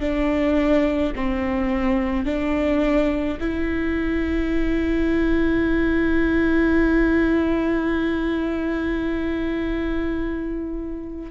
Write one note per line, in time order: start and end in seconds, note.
0.00 1.13 D4
1.15 2.25 C4
2.25 3.39 D4
3.40 11.32 E4